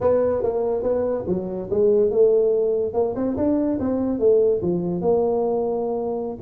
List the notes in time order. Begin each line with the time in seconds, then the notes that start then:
0.00 B3
0.43 A#3
0.82 B3
1.27 F#3
1.70 G#3
2.11 A3
2.93 A#3
3.15 C4
3.36 D4
3.79 C4
4.19 A3
4.62 F3
5.01 A#3